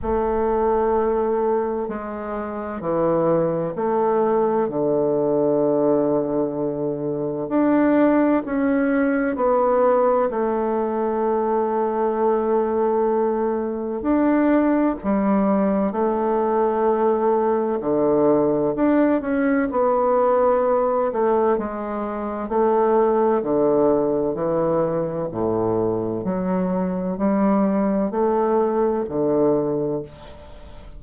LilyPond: \new Staff \with { instrumentName = "bassoon" } { \time 4/4 \tempo 4 = 64 a2 gis4 e4 | a4 d2. | d'4 cis'4 b4 a4~ | a2. d'4 |
g4 a2 d4 | d'8 cis'8 b4. a8 gis4 | a4 d4 e4 a,4 | fis4 g4 a4 d4 | }